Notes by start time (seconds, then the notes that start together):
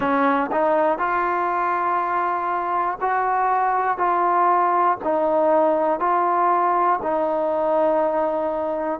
0.00 C#4
0.51 D#4
0.98 F4
3.00 F#4
3.97 F4
5.04 D#4
5.99 F4
7.02 D#4